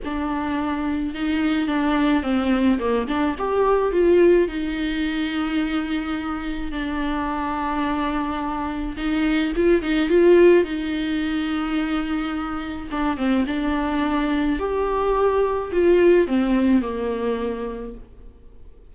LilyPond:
\new Staff \with { instrumentName = "viola" } { \time 4/4 \tempo 4 = 107 d'2 dis'4 d'4 | c'4 ais8 d'8 g'4 f'4 | dis'1 | d'1 |
dis'4 f'8 dis'8 f'4 dis'4~ | dis'2. d'8 c'8 | d'2 g'2 | f'4 c'4 ais2 | }